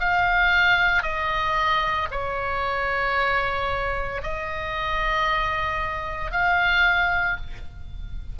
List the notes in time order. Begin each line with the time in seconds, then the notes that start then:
0.00 F5
1.02 D#5
2.11 C#5
4.23 D#5
6.31 F5